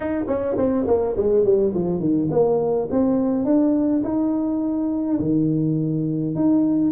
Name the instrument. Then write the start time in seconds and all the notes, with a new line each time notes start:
tuba
0.00 D#4
0.27 C#4
0.57 C4
0.87 A#3
1.16 G#3
1.44 G3
1.74 F3
1.99 D#3
2.31 A#3
2.90 C4
3.44 D4
4.03 D#4
5.19 D#3
6.35 D#4